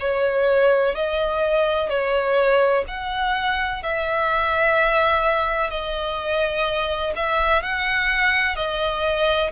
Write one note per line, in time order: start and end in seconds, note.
0.00 0.95 C#5
0.95 1.90 D#5
1.90 2.85 C#5
2.88 3.83 F#5
3.83 5.70 E5
5.70 7.13 D#5
7.16 7.63 E5
7.63 8.56 F#5
8.56 9.51 D#5